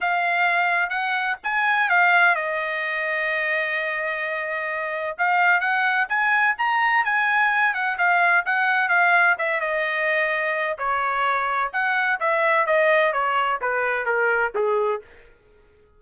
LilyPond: \new Staff \with { instrumentName = "trumpet" } { \time 4/4 \tempo 4 = 128 f''2 fis''4 gis''4 | f''4 dis''2.~ | dis''2. f''4 | fis''4 gis''4 ais''4 gis''4~ |
gis''8 fis''8 f''4 fis''4 f''4 | e''8 dis''2~ dis''8 cis''4~ | cis''4 fis''4 e''4 dis''4 | cis''4 b'4 ais'4 gis'4 | }